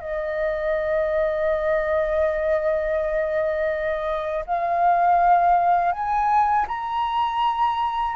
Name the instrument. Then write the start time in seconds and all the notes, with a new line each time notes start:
flute
0.00 D#5
4.46 F5
5.92 G#5
6.67 A#5